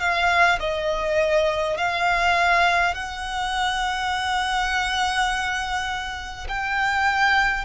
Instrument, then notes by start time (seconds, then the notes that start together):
violin
0.00 F5
0.59 D#5
1.76 F5
2.94 F#5
6.48 G5